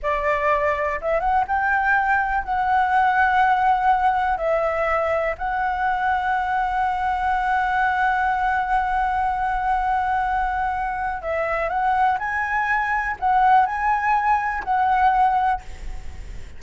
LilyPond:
\new Staff \with { instrumentName = "flute" } { \time 4/4 \tempo 4 = 123 d''2 e''8 fis''8 g''4~ | g''4 fis''2.~ | fis''4 e''2 fis''4~ | fis''1~ |
fis''1~ | fis''2. e''4 | fis''4 gis''2 fis''4 | gis''2 fis''2 | }